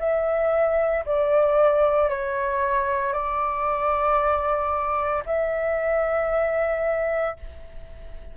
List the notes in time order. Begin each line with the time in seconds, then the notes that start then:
0.00 E5
1.06 D5
2.10 C#5
3.13 D5
5.26 E5